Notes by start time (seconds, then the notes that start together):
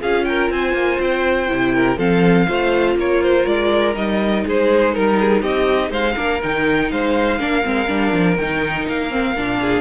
0.00 C#4 F4 G#4 F5
0.25 A#4 G5
0.50 C4 C5 G#5
0.73 A#3
1.00 C4 G5
1.48 C3 E4
1.75 A#4
1.98 F3 C4 A4 F5
2.47 A3 F4 C5
2.96 A#3 A#4 C#5
3.23 C5
3.46 G#3 D5
3.94 G3 D#4 D#5
4.46 G#3 G#4 C5
4.94 G3 A#4
5.20 G#4
5.42 C4 G4 D#5
5.90 G#3 C5 F5
6.15 A#3 D4 A#4
6.43 D#3 D#4 G5
6.91 G#3 C5 F5
7.38 A#3 D4 A#4
7.65 G#3 C4
7.87 G3 D4
8.13 F3
8.36 D#3 D#4 G5
8.88 A#3 F5
9.10 C4
9.37 A#2 D4
9.61 G#4